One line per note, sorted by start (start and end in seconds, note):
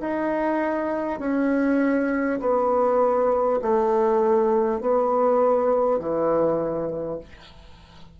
0.00 1.19 D#4
1.19 2.39 C#4
2.39 3.59 B3
3.62 4.81 A3
4.81 5.99 B3
5.99 7.19 E3